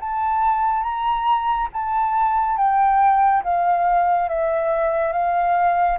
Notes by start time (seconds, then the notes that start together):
0.00 A5
0.83 A#5
1.73 A5
2.57 G5
3.44 F5
4.29 E5
5.12 F5